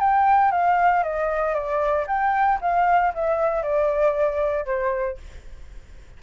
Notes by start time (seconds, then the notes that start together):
0.00 G5
0.52 F5
1.04 D#5
1.55 D5
2.07 G5
2.61 F5
3.14 E5
3.63 D5
4.66 C5